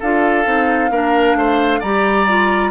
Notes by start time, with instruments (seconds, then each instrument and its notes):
0.00 bassoon D4, clarinet F4, oboe A4, flute F5
0.45 bassoon C4, clarinet D#4
0.91 bassoon A#3, clarinet D4, oboe A#4
1.35 bassoon A3, oboe C5
1.80 bassoon G3, clarinet G4, oboe D5, flute A#5
2.28 clarinet F4